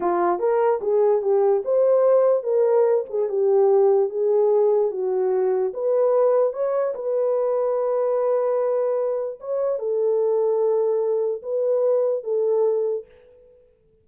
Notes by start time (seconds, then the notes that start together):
0.00 F4
0.39 A#4
0.81 G#4
1.21 G4
1.64 C5
2.43 A#4
3.09 G#4
3.28 G4
4.09 G#4
4.91 F#4
5.73 B4
6.53 C#5
6.94 B4
9.40 C#5
9.78 A4
11.42 B4
12.23 A4